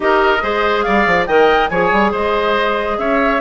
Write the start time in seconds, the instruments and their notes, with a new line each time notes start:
0.00 bassoon D#4, clarinet G4, oboe A#4, flute D#5
0.41 bassoon G#3, clarinet G#4, oboe C5
0.82 bassoon G3, oboe D5, flute F5
1.06 bassoon F3
1.26 bassoon D#3, clarinet A#4, oboe D#5, flute G5
1.68 bassoon F3, clarinet G#4, oboe C#5, flute G#5
1.91 bassoon G3
2.11 bassoon G#3, oboe C5, flute D#5
2.98 bassoon C#4, oboe C#5, flute E5